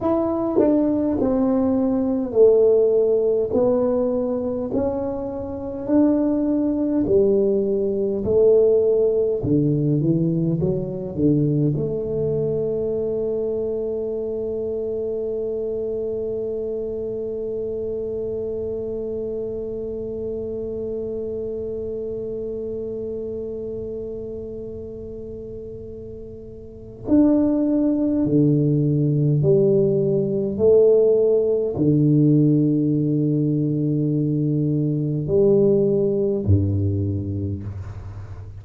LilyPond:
\new Staff \with { instrumentName = "tuba" } { \time 4/4 \tempo 4 = 51 e'8 d'8 c'4 a4 b4 | cis'4 d'4 g4 a4 | d8 e8 fis8 d8 a2~ | a1~ |
a1~ | a2. d'4 | d4 g4 a4 d4~ | d2 g4 g,4 | }